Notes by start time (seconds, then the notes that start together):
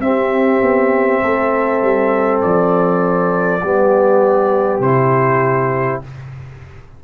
0.00 C4 G4 E5
0.62 B3
1.23 A3 A4
1.82 G3
2.42 F3 D5
3.63 G3 B3 G4
4.80 C3 E4 C5